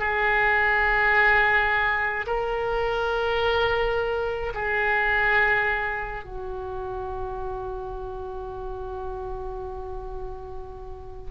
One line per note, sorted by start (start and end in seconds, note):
0.00 2.26 G#4
2.27 4.53 A#4
4.54 6.24 G#4
6.24 11.32 F#4